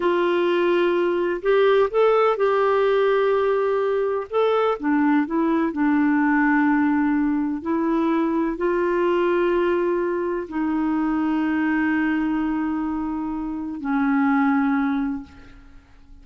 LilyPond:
\new Staff \with { instrumentName = "clarinet" } { \time 4/4 \tempo 4 = 126 f'2. g'4 | a'4 g'2.~ | g'4 a'4 d'4 e'4 | d'1 |
e'2 f'2~ | f'2 dis'2~ | dis'1~ | dis'4 cis'2. | }